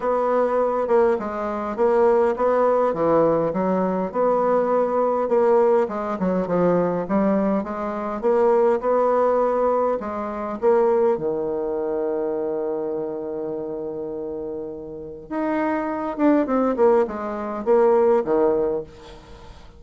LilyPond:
\new Staff \with { instrumentName = "bassoon" } { \time 4/4 \tempo 4 = 102 b4. ais8 gis4 ais4 | b4 e4 fis4 b4~ | b4 ais4 gis8 fis8 f4 | g4 gis4 ais4 b4~ |
b4 gis4 ais4 dis4~ | dis1~ | dis2 dis'4. d'8 | c'8 ais8 gis4 ais4 dis4 | }